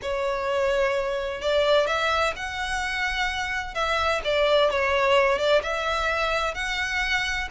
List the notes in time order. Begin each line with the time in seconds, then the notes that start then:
0.01 C#5
1.41 D5
1.86 E5
2.36 F#5
3.74 E5
4.24 D5
4.70 C#5
5.38 D5
5.62 E5
6.54 F#5